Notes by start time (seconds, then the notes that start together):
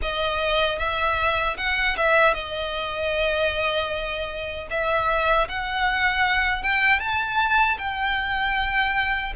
0.01 D#5
0.78 E5
1.57 F#5
1.96 E5
2.34 D#5
4.70 E5
5.48 F#5
6.62 G5
6.99 A5
7.77 G5